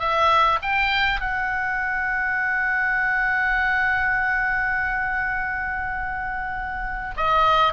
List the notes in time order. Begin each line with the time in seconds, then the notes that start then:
0.00 E5
0.63 G5
1.21 F#5
7.17 D#5